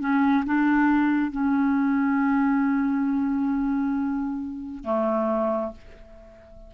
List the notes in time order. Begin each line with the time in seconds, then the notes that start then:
0.00 C#4
0.46 D4
1.31 C#4
4.84 A3